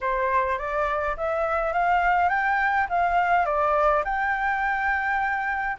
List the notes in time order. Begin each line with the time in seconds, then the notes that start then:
0.00 C5
0.58 D5
1.17 E5
1.73 F5
2.29 G5
2.89 F5
3.45 D5
4.04 G5